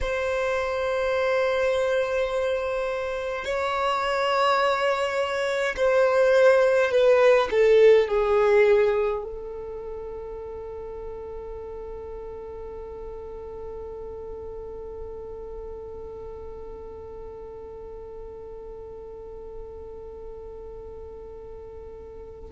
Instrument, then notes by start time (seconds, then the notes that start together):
violin
0.01 C5
3.44 C#5
5.76 C5
6.91 B4
7.51 A4
8.08 G#4
9.23 A4